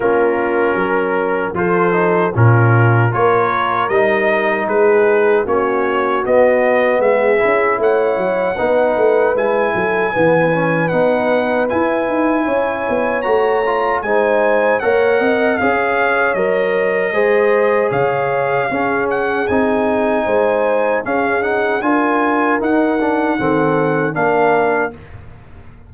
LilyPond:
<<
  \new Staff \with { instrumentName = "trumpet" } { \time 4/4 \tempo 4 = 77 ais'2 c''4 ais'4 | cis''4 dis''4 b'4 cis''4 | dis''4 e''4 fis''2 | gis''2 fis''4 gis''4~ |
gis''4 ais''4 gis''4 fis''4 | f''4 dis''2 f''4~ | f''8 fis''8 gis''2 f''8 fis''8 | gis''4 fis''2 f''4 | }
  \new Staff \with { instrumentName = "horn" } { \time 4/4 f'4 ais'4 a'4 f'4 | ais'2 gis'4 fis'4~ | fis'4 gis'4 cis''4 b'4~ | b'8 a'8 b'2. |
cis''2 c''4 cis''8 dis''8 | cis''2 c''4 cis''4 | gis'2 c''4 gis'4 | ais'2 a'4 ais'4 | }
  \new Staff \with { instrumentName = "trombone" } { \time 4/4 cis'2 f'8 dis'8 cis'4 | f'4 dis'2 cis'4 | b4. e'4. dis'4 | e'4 b8 cis'8 dis'4 e'4~ |
e'4 fis'8 f'8 dis'4 ais'4 | gis'4 ais'4 gis'2 | cis'4 dis'2 cis'8 dis'8 | f'4 dis'8 d'8 c'4 d'4 | }
  \new Staff \with { instrumentName = "tuba" } { \time 4/4 ais4 fis4 f4 ais,4 | ais4 g4 gis4 ais4 | b4 gis8 cis'8 a8 fis8 b8 a8 | gis8 fis8 e4 b4 e'8 dis'8 |
cis'8 b8 a4 gis4 ais8 c'8 | cis'4 fis4 gis4 cis4 | cis'4 c'4 gis4 cis'4 | d'4 dis'4 dis4 ais4 | }
>>